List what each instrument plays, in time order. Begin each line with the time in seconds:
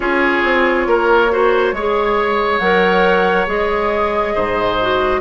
0.00 bassoon C#4, clarinet F4, oboe G#4, flute C#5
0.43 bassoon C4
0.87 bassoon A#3, oboe A#4
1.30 clarinet F#4, oboe C5
1.72 bassoon G#3, clarinet G#4, oboe C#5
2.59 bassoon F#3, clarinet A#4, flute F#5
3.47 bassoon G#3, clarinet G#4, flute D#5
4.34 bassoon G#2, oboe C5
4.81 clarinet F#4